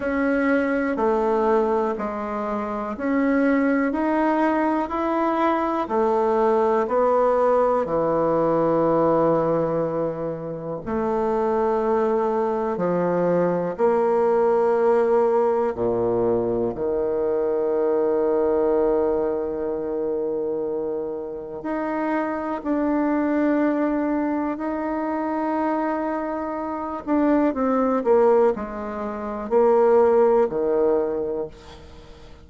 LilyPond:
\new Staff \with { instrumentName = "bassoon" } { \time 4/4 \tempo 4 = 61 cis'4 a4 gis4 cis'4 | dis'4 e'4 a4 b4 | e2. a4~ | a4 f4 ais2 |
ais,4 dis2.~ | dis2 dis'4 d'4~ | d'4 dis'2~ dis'8 d'8 | c'8 ais8 gis4 ais4 dis4 | }